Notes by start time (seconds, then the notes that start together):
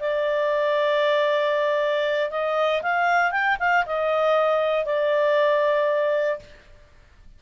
0.00 D5
2.31 D#5
2.83 F5
3.31 G5
3.60 F5
3.86 D#5
4.86 D5